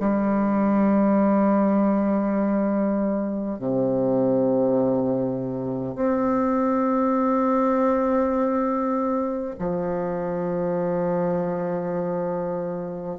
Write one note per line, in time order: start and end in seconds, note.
0.00 3.59 G3
3.59 5.96 C3
5.96 9.56 C4
9.59 13.19 F3